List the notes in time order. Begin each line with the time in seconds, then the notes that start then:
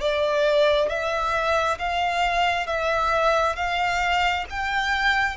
0.00 D5
0.89 E5
1.78 F5
2.66 E5
3.55 F5
4.49 G5